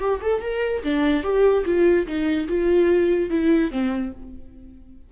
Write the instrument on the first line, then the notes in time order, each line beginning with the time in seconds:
viola
0.00 G4
0.22 A4
0.42 A#4
0.83 D4
1.23 G4
1.66 F4
2.07 D#4
2.48 F4
3.30 E4
3.71 C4